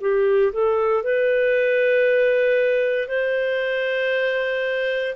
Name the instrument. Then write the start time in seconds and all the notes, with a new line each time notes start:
clarinet
0.00 G4
0.53 A4
1.03 B4
3.08 C5